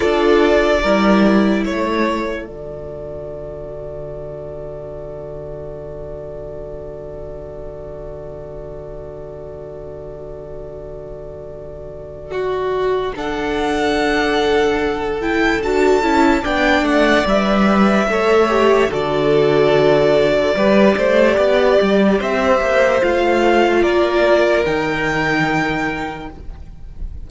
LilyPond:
<<
  \new Staff \with { instrumentName = "violin" } { \time 4/4 \tempo 4 = 73 d''2 cis''4 d''4~ | d''1~ | d''1~ | d''1 |
fis''2~ fis''8 g''8 a''4 | g''8 fis''8 e''2 d''4~ | d''2. e''4 | f''4 d''4 g''2 | }
  \new Staff \with { instrumentName = "violin" } { \time 4/4 a'4 ais'4 a'2~ | a'1~ | a'1~ | a'2. fis'4 |
a'1 | d''2 cis''4 a'4~ | a'4 b'8 c''8 d''4 c''4~ | c''4 ais'2. | }
  \new Staff \with { instrumentName = "viola" } { \time 4/4 f'4 e'2 fis'4~ | fis'1~ | fis'1~ | fis'1 |
d'2~ d'8 e'8 fis'8 e'8 | d'4 b'4 a'8 g'8 fis'4~ | fis'4 g'2. | f'2 dis'2 | }
  \new Staff \with { instrumentName = "cello" } { \time 4/4 d'4 g4 a4 d4~ | d1~ | d1~ | d1~ |
d2. d'8 cis'8 | b8 a8 g4 a4 d4~ | d4 g8 a8 b8 g8 c'8 ais8 | a4 ais4 dis2 | }
>>